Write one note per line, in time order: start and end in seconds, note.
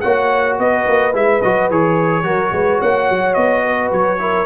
0.00 0.58 A#3
0.00 1.13 F#4
0.00 0.58 C#5
0.00 0.56 F#5
0.58 0.86 B3
0.58 2.24 B4
0.58 1.14 D#5
0.87 1.13 A#3
1.13 1.41 G#3
1.13 1.41 E4
1.13 1.41 E5
1.41 1.69 F#3
1.41 1.70 F#4
1.41 1.69 D#5
1.69 2.23 E3
1.69 2.23 G#4
1.69 2.81 C#5
2.23 2.51 F#3
2.23 4.17 F#4
2.23 2.52 A#4
2.51 2.79 G#3
2.51 2.79 B4
2.79 3.09 A#3
2.79 3.63 C#5
2.79 3.33 F#5
3.09 3.36 F#3
3.33 3.91 B3
3.33 3.89 D#5
3.64 4.20 B4
3.91 4.46 F#3
3.91 4.46 C#5
4.18 4.46 E4
4.18 4.46 A#4